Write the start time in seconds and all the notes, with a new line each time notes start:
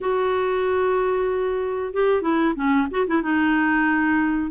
0.00 F#4
1.93 G4
2.22 E4
2.55 C#4
2.90 F#4
3.07 E4
3.22 D#4